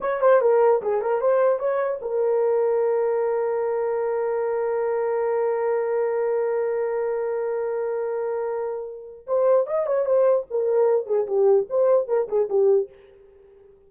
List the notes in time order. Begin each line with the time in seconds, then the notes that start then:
0.01 C#5
0.21 C5
0.41 A#4
0.81 G#4
1.01 A#4
1.20 C5
1.59 C#5
2.01 A#4
9.26 C5
9.66 D#5
9.86 C#5
10.05 C5
10.50 A#4
11.06 G#4
11.26 G4
11.69 C5
12.07 A#4
12.28 G#4
12.49 G4